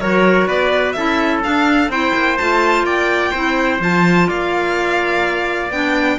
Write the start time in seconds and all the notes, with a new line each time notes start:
0.00 F#3 F#4 A#4 C#5
0.48 B3 B4 D5
0.92 C#4 E4 A4 E5
1.43 D4 F5
1.88 C4 E4 C5 G5
2.15 A#3
2.38 A3 F4 A5
2.83 A#3 D5 G5
3.32 C4 E4 C5
3.80 F3 F4 A5
4.28 A#3 D5 F5
5.70 B3 D4 G5